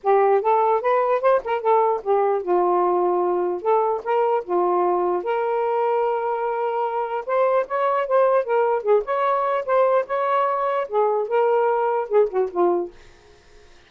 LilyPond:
\new Staff \with { instrumentName = "saxophone" } { \time 4/4 \tempo 4 = 149 g'4 a'4 b'4 c''8 ais'8 | a'4 g'4 f'2~ | f'4 a'4 ais'4 f'4~ | f'4 ais'2.~ |
ais'2 c''4 cis''4 | c''4 ais'4 gis'8 cis''4. | c''4 cis''2 gis'4 | ais'2 gis'8 fis'8 f'4 | }